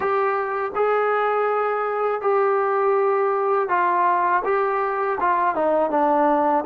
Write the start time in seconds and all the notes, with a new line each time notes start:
0.00 G4
0.75 G#4
2.21 G4
3.68 F4
4.44 G4
5.20 F4
5.55 D#4
5.90 D4